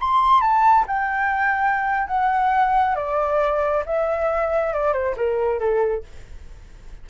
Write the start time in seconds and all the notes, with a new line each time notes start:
0.00 C6
0.41 A5
0.87 G5
2.07 F#5
2.95 D5
3.86 E5
4.73 D5
4.93 C5
5.16 A#4
5.59 A4